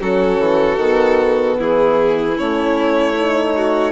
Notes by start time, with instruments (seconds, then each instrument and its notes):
0.00 bassoon F#3, horn C#4, violin F#4 A4
0.39 bassoon E3
0.77 bassoon D#3, horn B3
1.58 bassoon E3, violin E4 G#4
2.36 bassoon A3, horn C#4, violin C#5
3.17 horn D#4
3.56 violin F#4